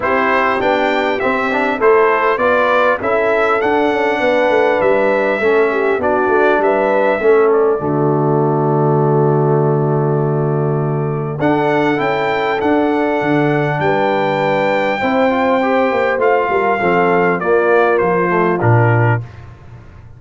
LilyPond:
<<
  \new Staff \with { instrumentName = "trumpet" } { \time 4/4 \tempo 4 = 100 c''4 g''4 e''4 c''4 | d''4 e''4 fis''2 | e''2 d''4 e''4~ | e''8 d''2.~ d''8~ |
d''2. fis''4 | g''4 fis''2 g''4~ | g''2. f''4~ | f''4 d''4 c''4 ais'4 | }
  \new Staff \with { instrumentName = "horn" } { \time 4/4 g'2. a'4 | b'4 a'2 b'4~ | b'4 a'8 g'8 fis'4 b'4 | a'4 fis'2.~ |
fis'2. a'4~ | a'2. b'4~ | b'4 c''2~ c''8 ais'8 | a'4 f'2. | }
  \new Staff \with { instrumentName = "trombone" } { \time 4/4 e'4 d'4 c'8 d'8 e'4 | f'4 e'4 d'2~ | d'4 cis'4 d'2 | cis'4 a2.~ |
a2. d'4 | e'4 d'2.~ | d'4 e'8 f'8 g'4 f'4 | c'4 ais4. a8 d'4 | }
  \new Staff \with { instrumentName = "tuba" } { \time 4/4 c'4 b4 c'4 a4 | b4 cis'4 d'8 cis'8 b8 a8 | g4 a4 b8 a8 g4 | a4 d2.~ |
d2. d'4 | cis'4 d'4 d4 g4~ | g4 c'4. ais8 a8 g8 | f4 ais4 f4 ais,4 | }
>>